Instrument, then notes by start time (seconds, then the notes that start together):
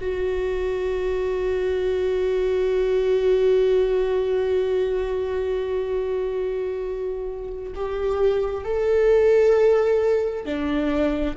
viola
0.00 F#4
7.75 G4
8.64 A4
10.45 D4